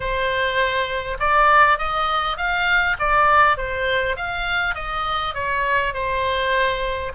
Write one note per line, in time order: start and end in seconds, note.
0.00 1.17 C5
1.19 1.78 D5
1.78 2.37 D#5
2.37 2.96 F5
2.99 3.57 D5
3.57 4.16 C5
4.16 4.74 F5
4.74 5.34 D#5
5.34 5.93 C#5
5.93 7.12 C5